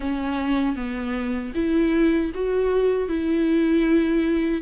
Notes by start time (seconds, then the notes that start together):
0.00 C#4
0.76 B3
1.55 E4
2.34 F#4
3.08 E4